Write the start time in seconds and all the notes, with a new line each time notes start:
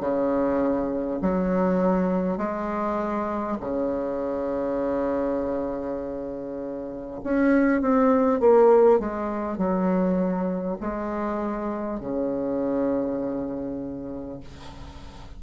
0.00 C#3
1.21 F#3
2.37 G#3
3.60 C#3
7.23 C#4
7.81 C4
8.40 A#3
8.99 G#3
9.57 F#3
10.80 G#3
11.99 C#3